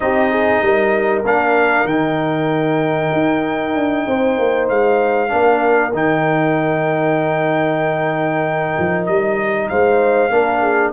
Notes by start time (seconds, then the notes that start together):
0.00 C4 D#4 G4 D#5
0.30 G#4
0.61 G3 A#4
1.25 A#3 D4 F5
1.84 D#3 D#4 G5
3.12 D#4
3.75 D4
4.07 C4 C5
4.38 A#3
4.68 G#3 F5
5.28 A#3 D4 A#4
5.93 D#3 D#4 G5
8.78 F3
9.05 G3 D#5
9.68 G#3 C5 F5
10.29 A#3 D4 A#4
10.60 G#4